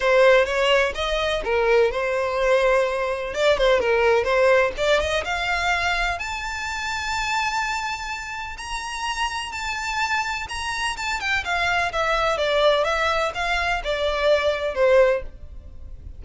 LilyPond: \new Staff \with { instrumentName = "violin" } { \time 4/4 \tempo 4 = 126 c''4 cis''4 dis''4 ais'4 | c''2. d''8 c''8 | ais'4 c''4 d''8 dis''8 f''4~ | f''4 a''2.~ |
a''2 ais''2 | a''2 ais''4 a''8 g''8 | f''4 e''4 d''4 e''4 | f''4 d''2 c''4 | }